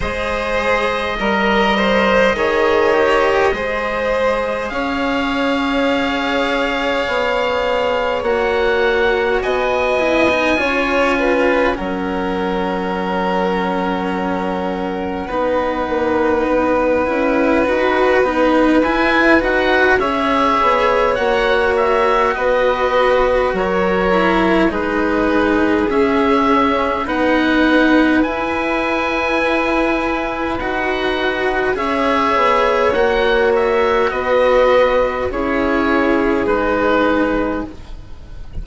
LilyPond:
<<
  \new Staff \with { instrumentName = "oboe" } { \time 4/4 \tempo 4 = 51 dis''1 | f''2. fis''4 | gis''2 fis''2~ | fis''1 |
gis''8 fis''8 e''4 fis''8 e''8 dis''4 | cis''4 b'4 e''4 fis''4 | gis''2 fis''4 e''4 | fis''8 e''8 dis''4 cis''4 b'4 | }
  \new Staff \with { instrumentName = "violin" } { \time 4/4 c''4 ais'8 c''8 cis''4 c''4 | cis''1 | dis''4 cis''8 b'8 ais'2~ | ais'4 b'2.~ |
b'4 cis''2 b'4 | ais'4 gis'2 b'4~ | b'2. cis''4~ | cis''4 b'4 gis'2 | }
  \new Staff \with { instrumentName = "cello" } { \time 4/4 gis'4 ais'4 gis'8 g'8 gis'4~ | gis'2. fis'4~ | fis'8 e'16 dis'16 f'4 cis'2~ | cis'4 dis'4. e'8 fis'8 dis'8 |
e'8 fis'8 gis'4 fis'2~ | fis'8 e'8 dis'4 cis'4 dis'4 | e'2 fis'4 gis'4 | fis'2 e'4 dis'4 | }
  \new Staff \with { instrumentName = "bassoon" } { \time 4/4 gis4 g4 dis4 gis4 | cis'2 b4 ais4 | b4 cis'4 fis2~ | fis4 b8 ais8 b8 cis'8 dis'8 b8 |
e'8 dis'8 cis'8 b8 ais4 b4 | fis4 gis4 cis'4 b4 | e'2 dis'4 cis'8 b8 | ais4 b4 cis'4 gis4 | }
>>